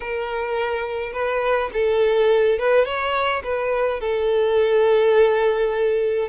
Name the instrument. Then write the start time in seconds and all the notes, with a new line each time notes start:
violin
0.00 A#4
1.12 B4
1.73 A4
2.58 B4
2.85 C#5
3.43 B4
4.00 A4